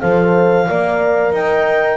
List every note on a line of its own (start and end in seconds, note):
0.00 0.69 F3
0.00 0.67 A4
0.00 0.67 C5
0.00 1.33 F5
0.67 1.32 A#3
0.67 1.97 A#4
0.67 1.33 D5
1.32 1.97 D#4
1.32 1.97 D#5
1.32 1.97 G5